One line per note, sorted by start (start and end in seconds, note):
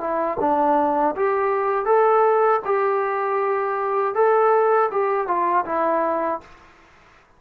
0.00 0.38 E4
0.40 1.15 D4
1.16 1.85 G4
1.85 2.60 A4
2.65 4.15 G4
4.15 4.90 A4
4.92 5.27 G4
5.27 5.65 F4
5.66 6.41 E4